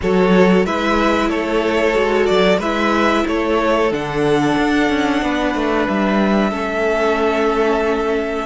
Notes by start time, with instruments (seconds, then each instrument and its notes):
0.01 cello F#3, viola F#4, violin A4 C#5
0.65 cello G#3, viola E4, violin B4 E5
1.28 cello A3, violin A4 C#5
1.94 cello G#3, viola F#4
2.26 cello F#3, violin D5
2.58 cello G#3, viola E4, violin B4 E5
3.26 cello A3, violin A4 C#5
3.91 cello D3, viola D4, violin F#5
4.57 cello D4
4.89 cello C#4
5.22 cello B3, violin B4
5.54 cello A3
5.88 cello G3, violin E5
6.50 cello A3, viola C#4, violin A4